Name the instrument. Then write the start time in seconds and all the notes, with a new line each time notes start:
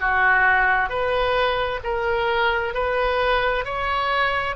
oboe
0.00 F#4
0.89 B4
1.84 A#4
2.74 B4
3.65 C#5